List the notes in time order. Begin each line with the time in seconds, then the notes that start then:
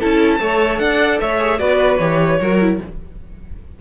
0.00 C#4 E4 A4 A5
0.39 A3 A4 C#5
0.79 D4 D5 F#5
1.21 A3 C#5 E5
1.40 G#4
1.59 B3 F#4 B4 D5
1.99 E3 G4 C#5
2.41 F#3 F#4 A#4
2.61 E4